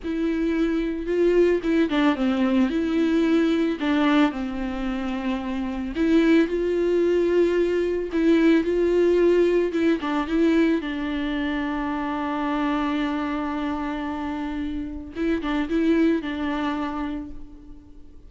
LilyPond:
\new Staff \with { instrumentName = "viola" } { \time 4/4 \tempo 4 = 111 e'2 f'4 e'8 d'8 | c'4 e'2 d'4 | c'2. e'4 | f'2. e'4 |
f'2 e'8 d'8 e'4 | d'1~ | d'1 | e'8 d'8 e'4 d'2 | }